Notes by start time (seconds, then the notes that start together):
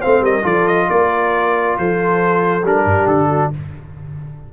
0.00 A3 C4 C5 F5
0.21 G3 A#4 D#5
0.42 F3 F4 A4 D5
0.68 D#5
0.90 A#3 A#4 D5
1.78 F3 A4 C5
2.63 G3 D4 A#4
2.85 G2 G4
3.07 D3 A4
3.29 F#4